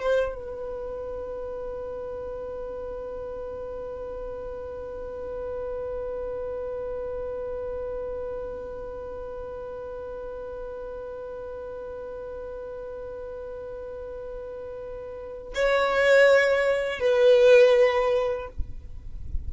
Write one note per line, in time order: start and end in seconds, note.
0.00 0.35 C5
0.35 15.54 B4
15.55 17.00 C#5
17.00 18.48 B4